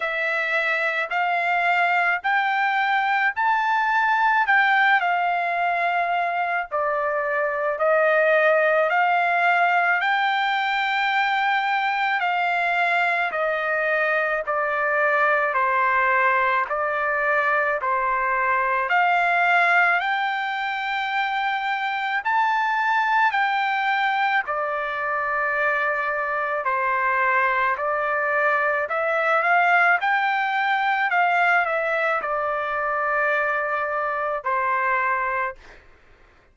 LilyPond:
\new Staff \with { instrumentName = "trumpet" } { \time 4/4 \tempo 4 = 54 e''4 f''4 g''4 a''4 | g''8 f''4. d''4 dis''4 | f''4 g''2 f''4 | dis''4 d''4 c''4 d''4 |
c''4 f''4 g''2 | a''4 g''4 d''2 | c''4 d''4 e''8 f''8 g''4 | f''8 e''8 d''2 c''4 | }